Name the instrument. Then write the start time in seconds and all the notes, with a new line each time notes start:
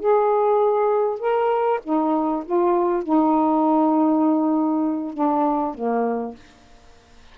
saxophone
0.00 G#4
1.20 A#4
1.84 D#4
2.45 F4
3.03 D#4
5.14 D4
5.75 A#3